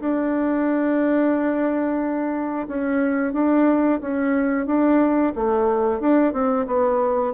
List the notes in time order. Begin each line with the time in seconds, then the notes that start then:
0.00 D4
2.68 C#4
3.33 D4
4.01 C#4
4.66 D4
5.35 A3
6.00 D4
6.33 C4
6.67 B3